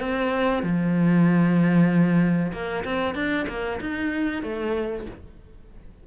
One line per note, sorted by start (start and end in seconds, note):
0.00 0.63 C4
0.63 2.52 F3
2.52 2.84 A#3
2.84 3.15 C4
3.15 3.46 D4
3.48 3.80 A#3
3.80 4.43 D#4
4.43 5.06 A3